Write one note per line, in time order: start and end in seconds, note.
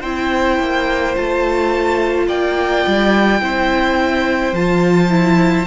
0.00 0.59 C4
0.00 1.16 E4
0.00 2.26 C5
0.00 1.16 G5
0.59 1.16 A#3
1.16 2.29 A3
1.16 3.42 F4
1.16 2.29 A5
2.28 2.85 A#3
2.28 3.41 D5
2.28 4.55 G5
2.87 3.42 G3
3.42 4.53 C4
3.42 4.55 E4
3.42 5.67 C5
4.53 5.66 F3
4.53 5.10 F4
4.53 5.67 A5
5.10 5.67 E4